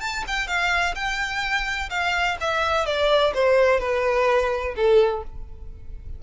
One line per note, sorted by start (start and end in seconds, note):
0.00 0.24 A5
0.27 0.47 G5
0.47 0.94 F5
0.95 1.89 G5
1.90 2.37 F5
2.40 2.86 E5
2.86 3.33 D5
3.34 3.80 C5
3.80 4.74 B4
4.75 5.23 A4